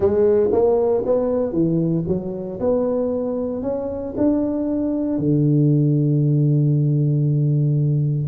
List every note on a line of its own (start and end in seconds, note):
0.00 0.50 G#3
0.51 1.03 A#3
1.05 1.52 B3
1.52 2.04 E3
2.07 2.59 F#3
2.60 3.62 B3
3.62 4.14 C#4
4.17 5.18 D4
5.18 8.28 D3